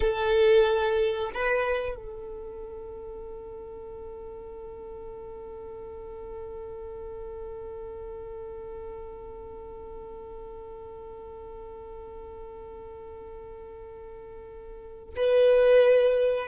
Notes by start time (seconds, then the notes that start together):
0.00 A4
1.34 B4
1.95 A4
15.16 B4